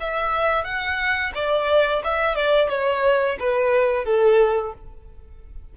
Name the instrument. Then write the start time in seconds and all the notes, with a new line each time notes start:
violin
0.00 E5
0.64 F#5
1.34 D5
2.04 E5
2.36 D5
2.69 C#5
3.39 B4
4.05 A4